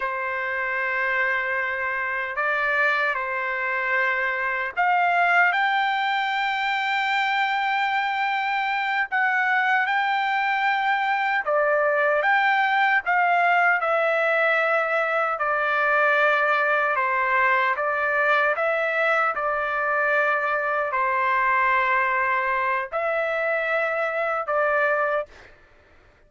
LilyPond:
\new Staff \with { instrumentName = "trumpet" } { \time 4/4 \tempo 4 = 76 c''2. d''4 | c''2 f''4 g''4~ | g''2.~ g''8 fis''8~ | fis''8 g''2 d''4 g''8~ |
g''8 f''4 e''2 d''8~ | d''4. c''4 d''4 e''8~ | e''8 d''2 c''4.~ | c''4 e''2 d''4 | }